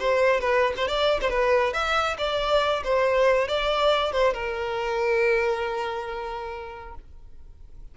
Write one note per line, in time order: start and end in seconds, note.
0.00 0.41 C5
0.41 0.74 B4
0.77 0.88 C5
0.88 1.21 D5
1.22 1.30 C5
1.30 1.74 B4
1.74 2.17 E5
2.19 2.84 D5
2.85 3.49 C5
3.49 4.13 D5
4.13 4.34 C5
4.34 6.95 A#4